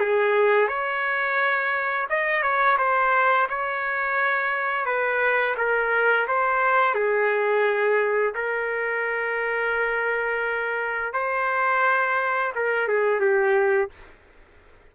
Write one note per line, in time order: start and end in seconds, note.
0.00 0.68 G#4
0.68 2.08 C#5
2.10 2.43 D#5
2.43 2.77 C#5
2.78 3.48 C5
3.50 4.86 C#5
4.86 5.56 B4
5.58 6.28 A#4
6.28 6.95 C5
6.95 8.35 G#4
8.35 11.14 A#4
11.14 12.53 C5
12.56 12.88 A#4
12.88 13.21 G#4
13.21 13.91 G4